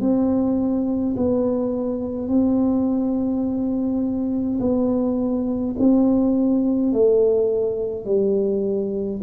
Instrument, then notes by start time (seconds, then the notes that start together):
tuba
0.00 C4
1.16 B3
2.28 C4
4.60 B3
5.78 C4
6.92 A3
8.05 G3